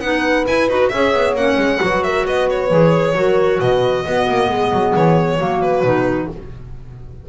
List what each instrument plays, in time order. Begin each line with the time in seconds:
0.00 double bass B3, clarinet D#4, horn B4, violin F#5
0.47 clarinet E4, double bass E4, violin G#5
0.69 double bass D#4, clarinet F#4, violin B4
0.89 double bass C#4, clarinet G#4, horn C#5, violin E5
1.13 double bass B3
1.34 double bass A#3, clarinet C#4, violin F#5
1.57 double bass G#3
1.79 double bass F#3, clarinet F#4, horn B4
2.03 horn A#4, violin E5
2.25 double bass B3, horn B4, violin D#5
2.50 violin C#5
2.70 double bass E3, clarinet G#4
3.15 double bass F#3, clarinet F#4, horn A#4
3.60 double bass B2, horn B4, violin D#5
4.06 double bass B3, clarinet B3, horn F#4
4.28 double bass A#3
4.49 double bass G#3, horn G#4
4.72 double bass F#3
4.95 double bass E3, violin C#5
5.38 double bass F#3, clarinet A#3, horn F#4
5.62 violin B4
5.83 double bass B2, clarinet D#4